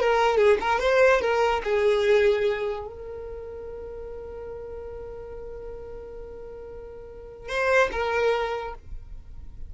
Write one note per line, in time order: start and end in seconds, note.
0.00 0.37 A#4
0.37 0.58 G#4
0.61 0.80 A#4
0.80 1.21 C5
1.21 1.62 A#4
1.64 2.87 G#4
2.87 7.49 A#4
7.49 7.90 C5
7.92 8.74 A#4